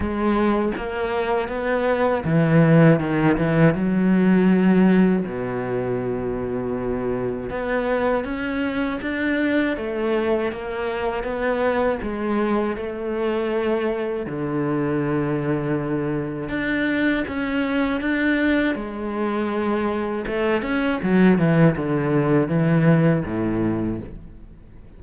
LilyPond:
\new Staff \with { instrumentName = "cello" } { \time 4/4 \tempo 4 = 80 gis4 ais4 b4 e4 | dis8 e8 fis2 b,4~ | b,2 b4 cis'4 | d'4 a4 ais4 b4 |
gis4 a2 d4~ | d2 d'4 cis'4 | d'4 gis2 a8 cis'8 | fis8 e8 d4 e4 a,4 | }